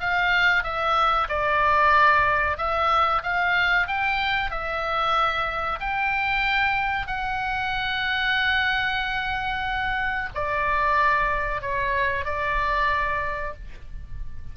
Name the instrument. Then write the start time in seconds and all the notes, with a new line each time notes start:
oboe
0.00 F5
0.63 E5
1.28 D5
2.57 E5
3.23 F5
3.87 G5
4.50 E5
5.79 G5
7.07 F#5
10.34 D5
11.61 C#5
12.25 D5